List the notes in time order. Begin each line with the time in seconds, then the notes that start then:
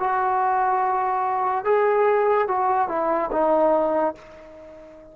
0.00 F#4
1.65 G#4
2.48 F#4
2.89 E4
3.32 D#4